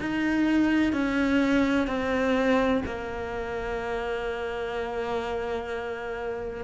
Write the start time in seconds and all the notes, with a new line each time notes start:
0.00 D#4
0.93 C#4
1.88 C4
2.86 A#3